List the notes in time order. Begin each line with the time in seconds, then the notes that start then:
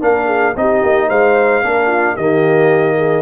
0.00 A#3 D4 A#4 F5
0.26 G#4
0.55 C4 D#4 G4 D#5
0.82 A#3
1.08 G#3 C5 F5
1.61 A#3 D4 A#4
1.87 F4
2.15 D#3 A#3 G4 D#5
2.96 G#4